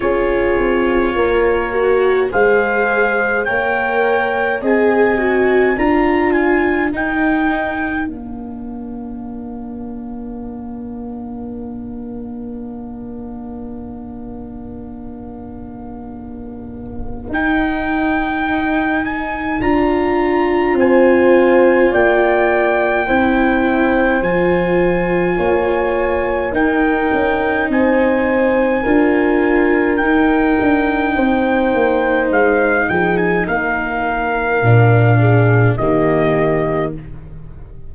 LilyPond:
<<
  \new Staff \with { instrumentName = "trumpet" } { \time 4/4 \tempo 4 = 52 cis''2 f''4 g''4 | gis''4 ais''8 gis''8 g''4 f''4~ | f''1~ | f''2. g''4~ |
g''8 gis''8 ais''4 gis''4 g''4~ | g''4 gis''2 g''4 | gis''2 g''2 | f''8 g''16 gis''16 f''2 dis''4 | }
  \new Staff \with { instrumentName = "horn" } { \time 4/4 gis'4 ais'4 c''4 cis''4 | dis''4 ais'2.~ | ais'1~ | ais'1~ |
ais'2 c''4 d''4 | c''2 cis''4 ais'4 | c''4 ais'2 c''4~ | c''8 gis'8 ais'4. gis'8 g'4 | }
  \new Staff \with { instrumentName = "viola" } { \time 4/4 f'4. fis'8 gis'4 ais'4 | gis'8 fis'8 f'4 dis'4 d'4~ | d'1~ | d'2. dis'4~ |
dis'4 f'2. | e'4 f'2 dis'4~ | dis'4 f'4 dis'2~ | dis'2 d'4 ais4 | }
  \new Staff \with { instrumentName = "tuba" } { \time 4/4 cis'8 c'8 ais4 gis4 ais4 | c'4 d'4 dis'4 ais4~ | ais1~ | ais2. dis'4~ |
dis'4 d'4 c'4 ais4 | c'4 f4 ais4 dis'8 cis'8 | c'4 d'4 dis'8 d'8 c'8 ais8 | gis8 f8 ais4 ais,4 dis4 | }
>>